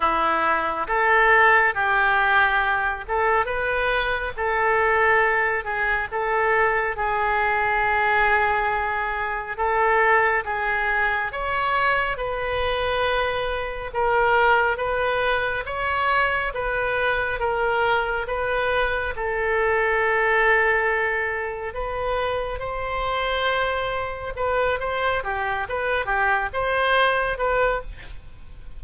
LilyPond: \new Staff \with { instrumentName = "oboe" } { \time 4/4 \tempo 4 = 69 e'4 a'4 g'4. a'8 | b'4 a'4. gis'8 a'4 | gis'2. a'4 | gis'4 cis''4 b'2 |
ais'4 b'4 cis''4 b'4 | ais'4 b'4 a'2~ | a'4 b'4 c''2 | b'8 c''8 g'8 b'8 g'8 c''4 b'8 | }